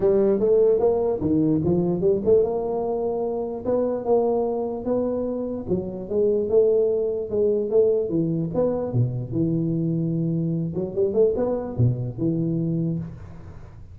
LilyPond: \new Staff \with { instrumentName = "tuba" } { \time 4/4 \tempo 4 = 148 g4 a4 ais4 dis4 | f4 g8 a8 ais2~ | ais4 b4 ais2 | b2 fis4 gis4 |
a2 gis4 a4 | e4 b4 b,4 e4~ | e2~ e8 fis8 g8 a8 | b4 b,4 e2 | }